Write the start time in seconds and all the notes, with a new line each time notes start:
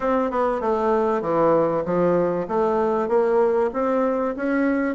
0.00 C4
0.30 B3
0.60 A3
1.21 E3
1.85 F3
2.48 A3
3.08 A#3
3.73 C4
4.36 C#4